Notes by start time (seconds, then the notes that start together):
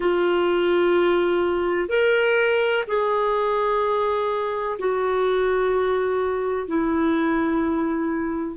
0.00 F4
1.88 A#4
2.87 G#4
4.78 F#4
6.67 E4